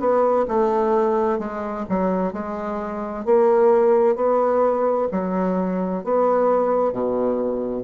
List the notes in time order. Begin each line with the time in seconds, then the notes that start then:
0.00 B3
0.48 A3
1.39 G#3
1.89 F#3
2.33 G#3
3.25 A#3
4.16 B3
5.12 F#3
6.04 B3
6.93 B2